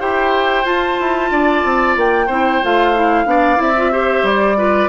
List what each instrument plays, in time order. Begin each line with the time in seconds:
0.00 bassoon E4, clarinet G4, oboe C5, flute G5
0.64 clarinet F4, bassoon F4, flute A5
1.00 bassoon E4
1.31 bassoon D4, oboe D5
1.64 bassoon C4
1.97 bassoon A#3, flute G5
2.27 bassoon C4, clarinet E4, oboe C5
2.63 bassoon A3, clarinet F4, flute F5
2.95 clarinet E4
3.25 bassoon B3, clarinet D4, oboe D5
3.56 bassoon C4, clarinet E4, flute E5
3.77 clarinet F4
3.92 clarinet G4, oboe C5
4.23 bassoon G3, flute D5
4.57 clarinet F4, oboe B4